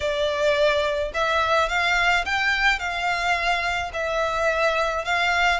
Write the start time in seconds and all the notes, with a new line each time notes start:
0.00 D5
1.13 E5
1.68 F5
2.25 G5
2.79 F5
3.93 E5
5.04 F5